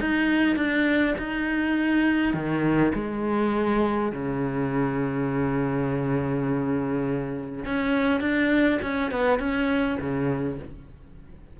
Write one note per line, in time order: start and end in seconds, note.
0.00 0.56 D#4
0.56 1.15 D4
1.18 2.34 D#4
2.34 2.93 D#3
2.94 4.12 G#3
4.12 7.65 C#3
7.65 8.20 C#4
8.20 8.79 D4
8.82 9.11 C#4
9.11 9.39 B3
9.39 9.98 C#4
10.00 10.59 C#3